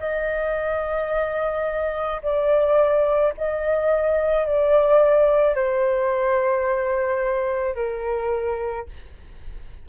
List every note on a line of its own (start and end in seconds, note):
0.00 2.22 D#5
2.23 3.34 D5
3.38 4.46 D#5
4.46 5.56 D5
5.56 7.75 C5
7.75 8.86 A#4